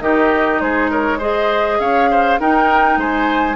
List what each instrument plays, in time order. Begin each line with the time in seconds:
0.00 bassoon D#3, clarinet D#4, oboe G4, flute D#5
0.60 bassoon G#3, oboe G#4, flute C5
0.90 oboe A#4, flute C#5
1.18 clarinet G#4, oboe C5, flute D#5
1.79 bassoon C#4, oboe C#5, flute F5
2.10 oboe C5
2.40 clarinet D#4, bassoon D#4, oboe A#4, flute G5
2.97 bassoon G#3, oboe C5, flute G#5